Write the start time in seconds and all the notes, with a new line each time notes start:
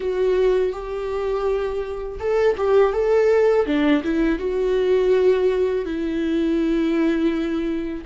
0.00 F#4
0.72 G4
2.19 A4
2.57 G4
2.93 A4
3.66 D4
4.03 E4
4.39 F#4
5.85 E4